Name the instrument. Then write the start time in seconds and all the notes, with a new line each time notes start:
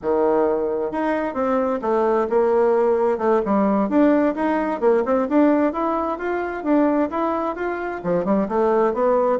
bassoon
0.02 D#3
0.91 D#4
1.34 C4
1.81 A3
2.29 A#3
3.18 A3
3.45 G3
3.89 D4
4.35 D#4
4.80 A#3
5.05 C4
5.29 D4
5.73 E4
6.18 F4
6.63 D4
7.10 E4
7.55 F4
8.03 F3
8.24 G3
8.48 A3
8.93 B3